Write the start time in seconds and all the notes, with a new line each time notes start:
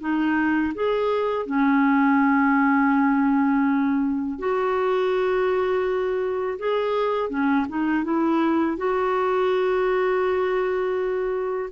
0.00 D#4
0.75 G#4
1.46 C#4
4.39 F#4
6.59 G#4
7.30 C#4
7.69 D#4
8.04 E4
8.77 F#4